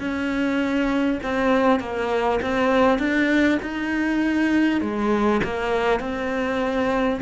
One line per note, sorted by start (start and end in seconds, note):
0.00 1.20 C#4
1.23 1.80 C4
1.80 2.40 A#3
2.42 2.99 C4
2.99 3.59 D4
3.62 4.81 D#4
4.81 5.41 G#3
5.44 6.00 A#3
6.00 7.20 C4